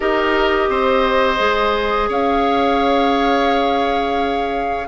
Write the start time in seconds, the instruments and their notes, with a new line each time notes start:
0.00 bassoon D#4, clarinet G4, oboe A#4, flute D#5
0.68 bassoon C4, oboe C5
1.37 bassoon G#3, clarinet G#4
2.08 bassoon C#4, oboe C#5, flute F5